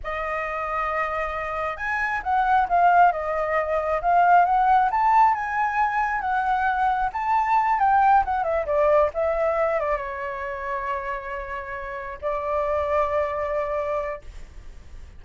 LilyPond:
\new Staff \with { instrumentName = "flute" } { \time 4/4 \tempo 4 = 135 dis''1 | gis''4 fis''4 f''4 dis''4~ | dis''4 f''4 fis''4 a''4 | gis''2 fis''2 |
a''4. g''4 fis''8 e''8 d''8~ | d''8 e''4. d''8 cis''4.~ | cis''2.~ cis''8 d''8~ | d''1 | }